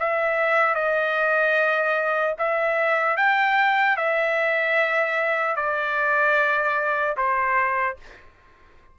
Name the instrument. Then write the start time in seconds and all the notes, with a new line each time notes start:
trumpet
0.00 E5
0.75 D#5
2.39 E5
3.17 G5
3.97 E5
5.56 D5
7.17 C5